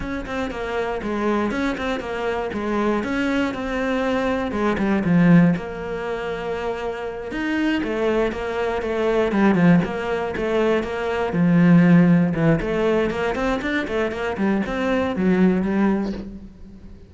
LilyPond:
\new Staff \with { instrumentName = "cello" } { \time 4/4 \tempo 4 = 119 cis'8 c'8 ais4 gis4 cis'8 c'8 | ais4 gis4 cis'4 c'4~ | c'4 gis8 g8 f4 ais4~ | ais2~ ais8 dis'4 a8~ |
a8 ais4 a4 g8 f8 ais8~ | ais8 a4 ais4 f4.~ | f8 e8 a4 ais8 c'8 d'8 a8 | ais8 g8 c'4 fis4 g4 | }